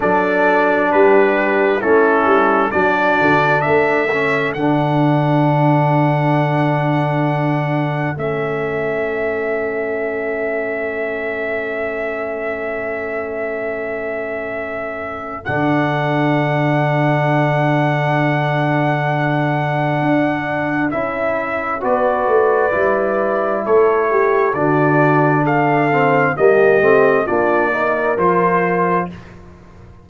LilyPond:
<<
  \new Staff \with { instrumentName = "trumpet" } { \time 4/4 \tempo 4 = 66 d''4 b'4 a'4 d''4 | e''4 fis''2.~ | fis''4 e''2.~ | e''1~ |
e''4 fis''2.~ | fis''2. e''4 | d''2 cis''4 d''4 | f''4 dis''4 d''4 c''4 | }
  \new Staff \with { instrumentName = "horn" } { \time 4/4 a'4 g'4 e'4 fis'4 | a'1~ | a'1~ | a'1~ |
a'1~ | a'1 | b'2 a'8 g'8 fis'4 | a'4 g'4 f'8 ais'4. | }
  \new Staff \with { instrumentName = "trombone" } { \time 4/4 d'2 cis'4 d'4~ | d'8 cis'8 d'2.~ | d'4 cis'2.~ | cis'1~ |
cis'4 d'2.~ | d'2. e'4 | fis'4 e'2 d'4~ | d'8 c'8 ais8 c'8 d'8 dis'8 f'4 | }
  \new Staff \with { instrumentName = "tuba" } { \time 4/4 fis4 g4 a8 g8 fis8 d8 | a4 d2.~ | d4 a2.~ | a1~ |
a4 d2.~ | d2 d'4 cis'4 | b8 a8 g4 a4 d4~ | d4 g8 a8 ais4 f4 | }
>>